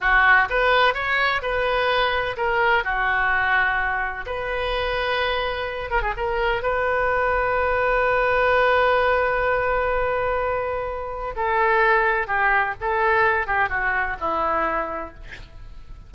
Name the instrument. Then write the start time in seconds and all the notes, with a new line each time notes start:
oboe
0.01 F#4
0.49 B4
0.94 C#5
1.42 B4
2.36 A#4
2.84 F#4
4.25 B4
5.90 A#4
6.02 G#4
6.16 A#4
6.62 B4
11.36 A4
12.27 G4
12.80 A4
13.46 G4
13.69 F#4
14.19 E4